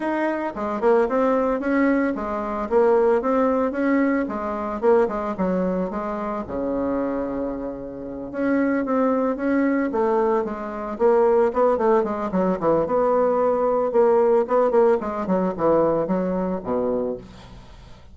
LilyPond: \new Staff \with { instrumentName = "bassoon" } { \time 4/4 \tempo 4 = 112 dis'4 gis8 ais8 c'4 cis'4 | gis4 ais4 c'4 cis'4 | gis4 ais8 gis8 fis4 gis4 | cis2.~ cis8 cis'8~ |
cis'8 c'4 cis'4 a4 gis8~ | gis8 ais4 b8 a8 gis8 fis8 e8 | b2 ais4 b8 ais8 | gis8 fis8 e4 fis4 b,4 | }